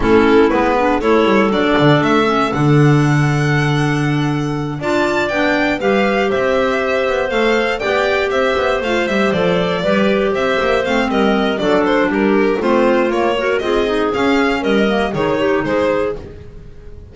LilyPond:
<<
  \new Staff \with { instrumentName = "violin" } { \time 4/4 \tempo 4 = 119 a'4 b'4 cis''4 d''4 | e''4 fis''2.~ | fis''4. a''4 g''4 f''8~ | f''8 e''2 f''4 g''8~ |
g''8 e''4 f''8 e''8 d''4.~ | d''8 e''4 f''8 dis''4 d''8 c''8 | ais'4 c''4 cis''4 dis''4 | f''4 dis''4 cis''4 c''4 | }
  \new Staff \with { instrumentName = "clarinet" } { \time 4/4 e'4. d'8 a'2~ | a'1~ | a'4. d''2 b'8~ | b'8 c''2. d''8~ |
d''8 c''2. b'8~ | b'8 c''4. ais'4 a'4 | g'4 f'4. ais'8 gis'4~ | gis'4 ais'4 gis'8 g'8 gis'4 | }
  \new Staff \with { instrumentName = "clarinet" } { \time 4/4 cis'4 b4 e'4 d'4~ | d'8 cis'8 d'2.~ | d'4. f'4 d'4 g'8~ | g'2~ g'8 a'4 g'8~ |
g'4. f'8 g'8 a'4 g'8~ | g'4. c'4. d'4~ | d'4 c'4 ais8 fis'8 f'8 dis'8 | cis'4. ais8 dis'2 | }
  \new Staff \with { instrumentName = "double bass" } { \time 4/4 a4 gis4 a8 g8 fis8 d8 | a4 d2.~ | d4. d'4 b4 g8~ | g8 c'4. b8 a4 b8~ |
b8 c'8 b8 a8 g8 f4 g8~ | g8 c'8 ais8 a8 g4 fis4 | g4 a4 ais4 c'4 | cis'4 g4 dis4 gis4 | }
>>